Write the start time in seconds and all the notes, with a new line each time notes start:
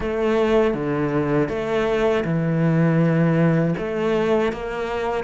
0.00 A3
0.73 D3
1.49 A3
2.24 E3
3.77 A3
4.52 A#3